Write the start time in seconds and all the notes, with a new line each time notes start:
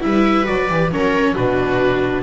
0.00 G3 E4 B4 E5
0.45 F#3 F#4 D5
0.68 E3 G4
0.91 F#3 C#4 A#4 C#5
1.34 B2 D4 F#4 B4